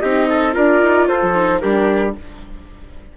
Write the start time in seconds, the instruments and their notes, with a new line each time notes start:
0.00 bassoon C4, viola D#4, trumpet G4, flute D#5
0.29 trumpet A4
0.52 bassoon D4, viola F4, trumpet A#4, flute D5
0.82 bassoon D#4
1.08 bassoon F4, trumpet A4, flute C5
1.22 bassoon F3
1.34 viola D#4
1.59 bassoon G3, viola D4, trumpet G4, flute A#4